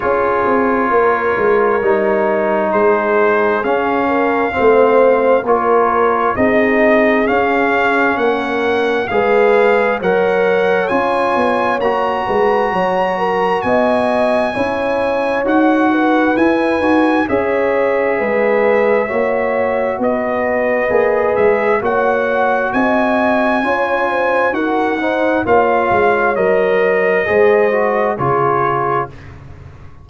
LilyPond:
<<
  \new Staff \with { instrumentName = "trumpet" } { \time 4/4 \tempo 4 = 66 cis''2. c''4 | f''2 cis''4 dis''4 | f''4 fis''4 f''4 fis''4 | gis''4 ais''2 gis''4~ |
gis''4 fis''4 gis''4 e''4~ | e''2 dis''4. e''8 | fis''4 gis''2 fis''4 | f''4 dis''2 cis''4 | }
  \new Staff \with { instrumentName = "horn" } { \time 4/4 gis'4 ais'2 gis'4~ | gis'8 ais'8 c''4 ais'4 gis'4~ | gis'4 ais'4 b'4 cis''4~ | cis''4. b'8 cis''8 ais'8 dis''4 |
cis''4. b'4. cis''4 | b'4 cis''4 b'2 | cis''4 dis''4 cis''8 c''8 ais'8 c''8 | cis''2 c''4 gis'4 | }
  \new Staff \with { instrumentName = "trombone" } { \time 4/4 f'2 dis'2 | cis'4 c'4 f'4 dis'4 | cis'2 gis'4 ais'4 | f'4 fis'2. |
e'4 fis'4 e'8 fis'8 gis'4~ | gis'4 fis'2 gis'4 | fis'2 f'4 fis'8 dis'8 | f'4 ais'4 gis'8 fis'8 f'4 | }
  \new Staff \with { instrumentName = "tuba" } { \time 4/4 cis'8 c'8 ais8 gis8 g4 gis4 | cis'4 a4 ais4 c'4 | cis'4 ais4 gis4 fis4 | cis'8 b8 ais8 gis8 fis4 b4 |
cis'4 dis'4 e'8 dis'8 cis'4 | gis4 ais4 b4 ais8 gis8 | ais4 c'4 cis'4 dis'4 | ais8 gis8 fis4 gis4 cis4 | }
>>